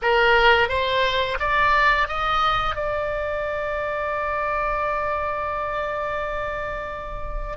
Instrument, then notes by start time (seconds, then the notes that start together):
oboe
0.02 A#4
0.69 C5
1.39 D5
2.08 D#5
2.75 D5